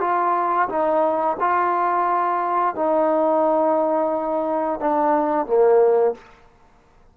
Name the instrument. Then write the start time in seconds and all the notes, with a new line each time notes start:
trombone
0.00 F4
0.68 D#4
1.39 F4
2.75 D#4
4.80 D4
5.46 A#3